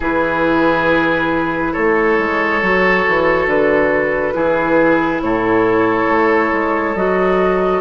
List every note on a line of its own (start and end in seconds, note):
0.00 1.74 E3
0.00 2.62 E4
0.00 1.72 G#4
0.00 1.73 B4
1.72 2.18 A3
1.72 4.33 A4
1.72 3.47 C#5
2.18 2.62 G#3
2.62 3.05 F#3
2.62 4.33 F#4
3.08 3.46 E3
3.46 4.33 D3
3.46 5.22 B4
4.33 5.21 E3
4.33 6.94 E4
4.33 5.21 G#4
5.21 6.06 A2
5.21 7.81 A4
5.21 6.95 C#5
6.06 6.50 A3
6.52 6.95 G#3
6.95 7.81 F#3
6.95 7.81 F#4
6.95 7.81 D#5